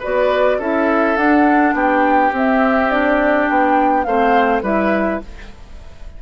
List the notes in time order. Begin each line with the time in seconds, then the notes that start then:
0.00 B3 F#4 B4 D5
0.59 C#4 E4 A4 E5
1.16 D4 F#5
1.74 B3 G4 G5
2.32 C4 E5
2.91 D4 D5
3.49 B3 G5
4.04 A3 C4 C5 F5
4.63 G3 E4 B4 E5